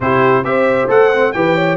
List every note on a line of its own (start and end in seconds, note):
0.00 0.43 C3
0.00 0.44 E4
0.00 0.46 G4
0.00 0.44 C5
0.43 0.88 C4
0.43 0.88 G4
0.43 1.35 C5
0.43 0.89 E5
0.88 1.33 A3
0.88 1.10 A4
0.88 1.32 F#5
1.13 1.34 C4
1.32 1.76 E3
1.32 1.76 G4
1.32 1.54 B4
1.32 1.76 G5
1.54 1.76 C#5